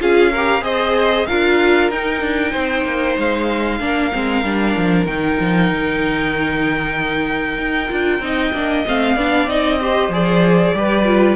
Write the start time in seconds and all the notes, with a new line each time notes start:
0.00 C#4 F4 G#4 F5
0.32 G4 A#4
0.61 C4 G#4 C5 D#5
1.27 D4 F4 A#4 F5
1.91 D#4 G5
2.21 D4
2.52 C4 C5
2.85 A#3
3.18 G#3 F5
3.80 A#3 D4 A#4
4.12 G#3 C4
4.44 G3 D4
4.77 F3
5.06 D#3 D#4 G5
5.40 F3
5.71 D#3
7.58 D#4
7.89 D4 F4
8.20 C4 D#4 D#5
8.54 A#3 D4
8.87 A3 C4 F5
9.16 B3 D4 D5
9.47 C4 D#4 D#5
9.80 G4 C5
10.09 F3 G#4 D5
10.74 G3 G4 B4
11.05 F4